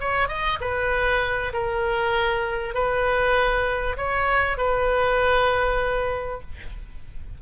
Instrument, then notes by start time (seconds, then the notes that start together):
oboe
0.00 C#5
0.28 D#5
0.61 B4
1.53 A#4
2.74 B4
3.97 C#5
4.57 B4